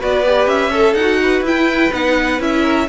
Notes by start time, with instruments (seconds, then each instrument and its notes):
0.00 cello B3, viola F#4, violin B4 D5
0.26 viola G4
0.47 cello C#4, violin E5
0.71 viola A4, violin A4
0.95 cello D#4, violin F#5
1.01 viola F#4
1.23 violin B4
1.42 cello E4, viola E4, violin G5
1.91 cello B3, viola D#4, violin F#5
2.40 cello C#4, viola E4, violin E5
2.62 violin A#4